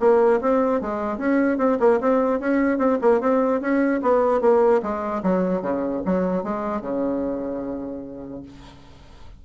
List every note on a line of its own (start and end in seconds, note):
0.00 0.40 A#3
0.41 0.81 C4
0.81 1.18 G#3
1.18 1.58 C#4
1.58 1.78 C4
1.80 2.00 A#3
2.01 2.40 C4
2.40 2.78 C#4
2.78 2.99 C4
3.01 3.21 A#3
3.21 3.61 C4
3.61 4.01 C#4
4.02 4.41 B3
4.41 4.82 A#3
4.83 5.23 G#3
5.23 5.62 F#3
5.62 6.02 C#3
6.05 6.44 F#3
6.44 6.82 G#3
6.82 8.43 C#3